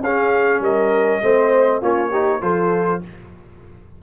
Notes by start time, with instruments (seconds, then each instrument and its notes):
0.00 tuba C#4, trombone C#4, horn G#4, trumpet F5
0.60 tuba G3, horn A#4, trumpet D#5
1.21 tuba A3, trombone C4, horn C5
1.81 tuba A#3, trombone C#4, horn F4, trumpet C#5
2.10 trombone D#4, horn G4
2.41 tuba F3, trombone F4, horn A4, trumpet C5